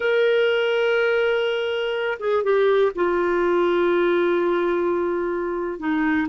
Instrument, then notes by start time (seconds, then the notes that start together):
clarinet
0.00 A#4
2.19 G#4
2.43 G4
2.95 F4
5.79 D#4